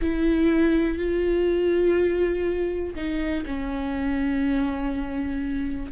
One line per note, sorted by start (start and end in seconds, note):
0.01 0.98 E4
0.98 2.94 F4
2.95 3.44 D#4
3.46 5.92 C#4